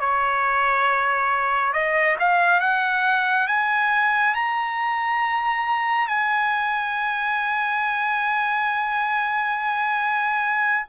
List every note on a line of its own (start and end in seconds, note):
0.00 1.73 C#5
1.73 2.17 D#5
2.19 2.60 F5
2.60 3.47 F#5
3.48 4.35 G#5
4.35 6.08 A#5
6.08 10.86 G#5